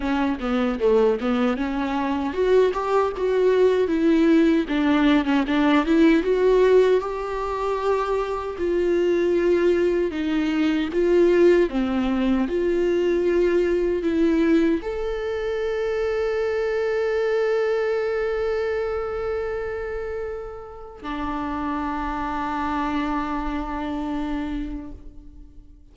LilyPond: \new Staff \with { instrumentName = "viola" } { \time 4/4 \tempo 4 = 77 cis'8 b8 a8 b8 cis'4 fis'8 g'8 | fis'4 e'4 d'8. cis'16 d'8 e'8 | fis'4 g'2 f'4~ | f'4 dis'4 f'4 c'4 |
f'2 e'4 a'4~ | a'1~ | a'2. d'4~ | d'1 | }